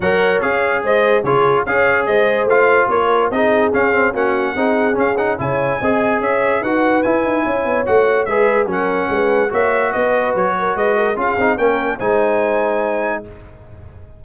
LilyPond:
<<
  \new Staff \with { instrumentName = "trumpet" } { \time 4/4 \tempo 4 = 145 fis''4 f''4 dis''4 cis''4 | f''4 dis''4 f''4 cis''4 | dis''4 f''4 fis''2 | f''8 fis''8 gis''2 e''4 |
fis''4 gis''2 fis''4 | e''4 fis''2 e''4 | dis''4 cis''4 dis''4 f''4 | g''4 gis''2. | }
  \new Staff \with { instrumentName = "horn" } { \time 4/4 cis''2 c''4 gis'4 | cis''4 c''2 ais'4 | gis'2 fis'4 gis'4~ | gis'4 cis''4 dis''4 cis''4 |
b'2 cis''2 | b'4 ais'4 b'4 cis''4 | b'4. ais'8 b'8 ais'8 gis'4 | ais'4 c''2. | }
  \new Staff \with { instrumentName = "trombone" } { \time 4/4 ais'4 gis'2 f'4 | gis'2 f'2 | dis'4 cis'8 c'8 cis'4 dis'4 | cis'8 dis'8 e'4 gis'2 |
fis'4 e'2 fis'4 | gis'4 cis'2 fis'4~ | fis'2. f'8 dis'8 | cis'4 dis'2. | }
  \new Staff \with { instrumentName = "tuba" } { \time 4/4 fis4 cis'4 gis4 cis4 | cis'4 gis4 a4 ais4 | c'4 cis'4 ais4 c'4 | cis'4 cis4 c'4 cis'4 |
dis'4 e'8 dis'8 cis'8 b8 a4 | gis4 fis4 gis4 ais4 | b4 fis4 gis4 cis'8 c'8 | ais4 gis2. | }
>>